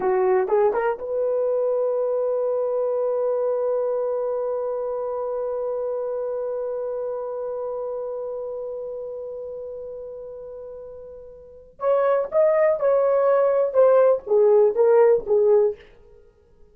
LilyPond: \new Staff \with { instrumentName = "horn" } { \time 4/4 \tempo 4 = 122 fis'4 gis'8 ais'8 b'2~ | b'1~ | b'1~ | b'1~ |
b'1~ | b'1 | cis''4 dis''4 cis''2 | c''4 gis'4 ais'4 gis'4 | }